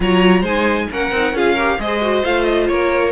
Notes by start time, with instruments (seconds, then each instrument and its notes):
0.00 cello F#3, viola F4, violin C#5 A#5
0.40 cello G#3, viola D#4, violin C5 G#5
0.90 cello A#3, viola C#4, violin A#4 F#5
1.11 cello C4, viola D#4
1.32 cello C#4, viola F4, violin G#4 F5
1.54 viola G4, violin A#4
1.79 cello G#3, viola G#4, violin C5 D#5
2.01 viola F#4
2.23 cello A3, viola F4, violin F5
2.44 violin D#5
2.67 cello A#3, violin A#4 C#5